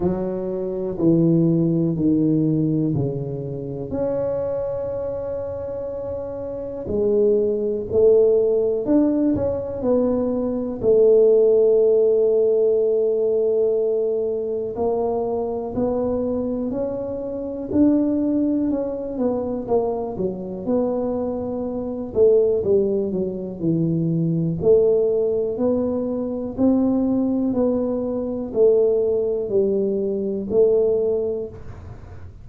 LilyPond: \new Staff \with { instrumentName = "tuba" } { \time 4/4 \tempo 4 = 61 fis4 e4 dis4 cis4 | cis'2. gis4 | a4 d'8 cis'8 b4 a4~ | a2. ais4 |
b4 cis'4 d'4 cis'8 b8 | ais8 fis8 b4. a8 g8 fis8 | e4 a4 b4 c'4 | b4 a4 g4 a4 | }